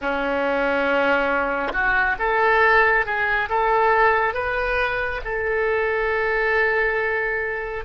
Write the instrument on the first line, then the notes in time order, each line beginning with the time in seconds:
oboe
0.01 C#4
1.72 F#4
2.18 A4
3.05 G#4
3.49 A4
4.34 B4
5.24 A4